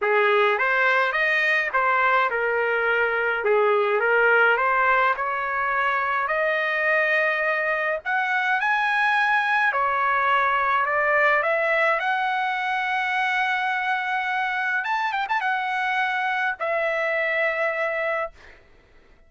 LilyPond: \new Staff \with { instrumentName = "trumpet" } { \time 4/4 \tempo 4 = 105 gis'4 c''4 dis''4 c''4 | ais'2 gis'4 ais'4 | c''4 cis''2 dis''4~ | dis''2 fis''4 gis''4~ |
gis''4 cis''2 d''4 | e''4 fis''2.~ | fis''2 a''8 g''16 a''16 fis''4~ | fis''4 e''2. | }